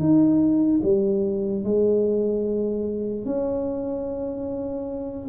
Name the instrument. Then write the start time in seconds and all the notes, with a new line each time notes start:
tuba
0.00 D#4
0.83 G3
1.64 G#3
3.26 C#4